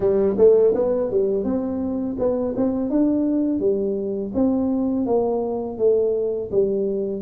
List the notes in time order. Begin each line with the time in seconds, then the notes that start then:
0.00 G3
0.37 A3
0.74 B3
1.10 G3
1.44 C4
2.18 B3
2.56 C4
2.89 D4
3.59 G3
4.34 C4
5.05 A#3
5.78 A3
6.51 G3